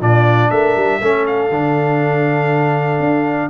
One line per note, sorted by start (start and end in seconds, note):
0.00 0.50 A#2
0.00 1.00 D4
0.00 0.50 F4
0.00 0.50 D5
0.50 0.75 A3
0.50 0.99 A#4
0.50 1.25 E5
0.76 1.00 G3
0.99 1.50 A3
0.99 1.51 C#4
0.99 3.49 A4
1.26 3.49 F5
1.50 2.99 D3
1.50 3.49 D4
2.99 3.49 D4